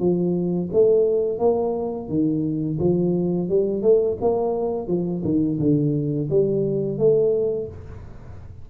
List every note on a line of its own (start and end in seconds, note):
0.00 0.70 F3
0.73 1.39 A3
1.39 2.09 A#3
2.09 2.79 D#3
2.80 3.49 F3
3.49 3.83 G3
3.83 4.18 A3
4.21 4.88 A#3
4.88 5.23 F3
5.25 5.59 D#3
5.60 6.29 D3
6.30 6.99 G3
6.99 7.68 A3